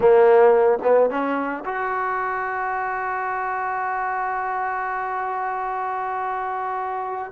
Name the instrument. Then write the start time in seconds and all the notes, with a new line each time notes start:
trombone
0.00 A#3
0.83 B3
1.10 C#4
1.65 F#4